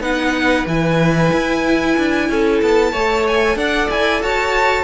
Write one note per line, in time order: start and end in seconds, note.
0.00 0.65 B3
0.00 0.66 D#4
0.00 2.27 B4
0.00 0.66 F#5
0.66 1.30 E3
0.66 2.93 E4
0.66 2.61 G#5
1.32 1.96 E4
1.97 2.29 D4
2.29 2.61 C#4
2.29 2.92 A4
2.61 2.92 B3
2.61 3.26 A5
2.92 3.55 A3
2.92 4.84 A4
2.92 3.56 C#5
3.27 3.57 G#5
3.55 3.87 D4
3.55 4.22 D5
3.55 3.89 F#5
3.89 4.22 E4
3.89 4.22 G#5
4.22 4.84 F#4
4.22 4.84 C#5
4.22 4.84 A5